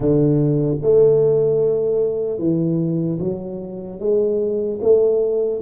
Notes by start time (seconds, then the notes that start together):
0.00 D3
0.81 A3
2.38 E3
3.19 F#3
3.99 G#3
4.81 A3